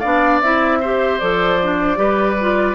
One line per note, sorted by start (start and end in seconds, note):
0.00 0.42 B3
0.00 0.43 D4
0.00 0.79 D5
0.00 0.40 F5
0.41 1.21 C4
0.41 0.83 E4
0.41 1.20 E5
0.81 1.21 G4
0.81 1.99 C5
1.20 1.98 F3
1.20 1.60 A4
1.20 2.75 D5
1.63 1.97 D4
1.97 2.75 G3
1.97 2.36 G4
1.97 2.75 B4
2.41 2.75 F4